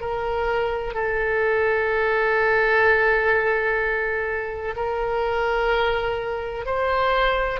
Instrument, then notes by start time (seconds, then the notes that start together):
oboe
0.00 A#4
0.94 A4
4.75 A#4
6.65 C5